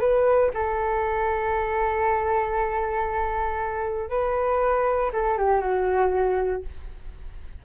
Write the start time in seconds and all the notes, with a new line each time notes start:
0.00 B4
0.54 A4
4.10 B4
5.13 A4
5.38 G4
5.61 F#4